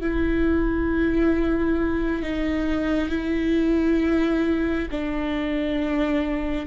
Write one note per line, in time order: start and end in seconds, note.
0.00 2.22 E4
2.22 3.09 D#4
3.09 4.88 E4
4.91 6.66 D4